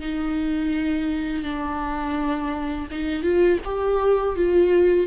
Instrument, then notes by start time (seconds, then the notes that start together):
viola
0.00 D#4
1.44 D4
2.91 D#4
3.23 F4
3.65 G4
4.36 F4